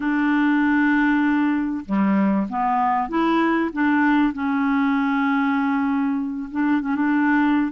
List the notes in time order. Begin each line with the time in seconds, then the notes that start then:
0.00 D4
1.85 G3
2.49 B3
3.08 E4
3.72 D4
4.33 C#4
6.51 D4
6.81 C#4
6.95 D4